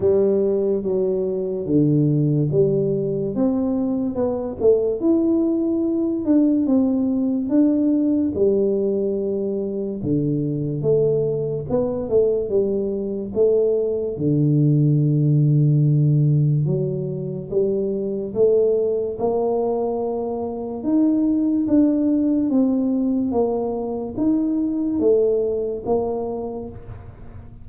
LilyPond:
\new Staff \with { instrumentName = "tuba" } { \time 4/4 \tempo 4 = 72 g4 fis4 d4 g4 | c'4 b8 a8 e'4. d'8 | c'4 d'4 g2 | d4 a4 b8 a8 g4 |
a4 d2. | fis4 g4 a4 ais4~ | ais4 dis'4 d'4 c'4 | ais4 dis'4 a4 ais4 | }